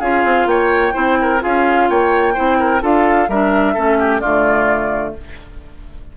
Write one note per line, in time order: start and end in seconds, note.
0.00 0.24 C#4
0.00 0.92 F4
0.00 0.47 G#4
0.00 0.47 F5
0.24 0.46 C4
0.46 0.93 A#3
0.46 0.94 C#5
0.46 1.41 G5
0.92 1.43 C4
0.92 1.39 E4
0.92 1.17 C5
1.22 1.43 A#4
1.40 1.89 C#4
1.40 2.34 F4
1.40 1.90 G#4
1.40 1.89 F5
1.89 2.36 A#3
1.89 2.34 C#5
1.89 2.83 G5
2.34 2.82 C4
2.34 2.81 E4
2.34 2.57 C5
2.59 2.82 A#4
2.81 3.28 D4
2.81 3.27 F4
2.81 3.29 A4
2.81 3.29 F5
3.28 3.75 G3
3.28 3.75 D4
3.28 3.74 A#4
3.28 4.20 E5
3.74 4.22 A3
3.74 4.22 C#4
3.74 3.97 A4
3.99 4.21 G4
4.20 5.16 D3
4.20 5.17 A3
4.20 5.14 F4
4.20 5.13 D5